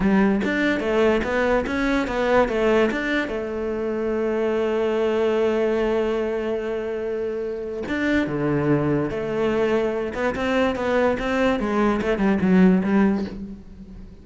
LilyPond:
\new Staff \with { instrumentName = "cello" } { \time 4/4 \tempo 4 = 145 g4 d'4 a4 b4 | cis'4 b4 a4 d'4 | a1~ | a1~ |
a2. d'4 | d2 a2~ | a8 b8 c'4 b4 c'4 | gis4 a8 g8 fis4 g4 | }